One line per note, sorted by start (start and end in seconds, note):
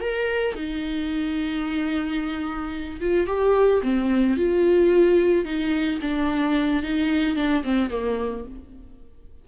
0.00 0.54 A#4
0.54 3.00 D#4
3.00 3.26 F4
3.26 3.81 G4
3.83 4.36 C4
4.36 5.44 F4
5.44 5.99 D#4
6.01 6.83 D4
6.83 7.35 D#4
7.35 7.63 D4
7.63 7.90 C4
7.90 8.44 A#3